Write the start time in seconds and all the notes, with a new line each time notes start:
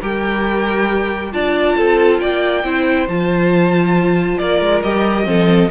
0.00 G3 G4 A#4 G5
1.31 D4 F4 D5 A5
1.77 C4 A4
2.19 A#3 D5 G5
2.64 C4 E4 C5
3.08 F3 F4 A5
4.37 A#3 A#4 D5
4.60 G#3
4.82 G3 G4 D#5
5.24 F3 C4 A4